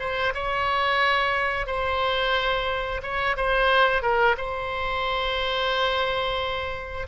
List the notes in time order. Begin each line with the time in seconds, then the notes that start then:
0.00 C5
0.34 C#5
1.67 C5
3.03 C#5
3.37 C5
4.02 A#4
4.38 C5